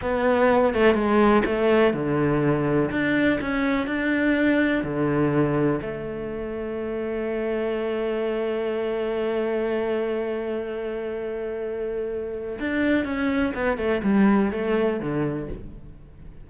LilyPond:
\new Staff \with { instrumentName = "cello" } { \time 4/4 \tempo 4 = 124 b4. a8 gis4 a4 | d2 d'4 cis'4 | d'2 d2 | a1~ |
a1~ | a1~ | a2 d'4 cis'4 | b8 a8 g4 a4 d4 | }